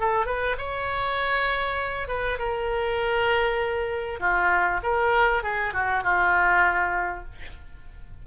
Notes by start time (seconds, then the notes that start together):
0.00 A4
0.26 B4
0.58 C#5
2.08 B4
2.39 A#4
4.20 F4
4.83 A#4
5.43 G#4
5.74 F#4
6.04 F4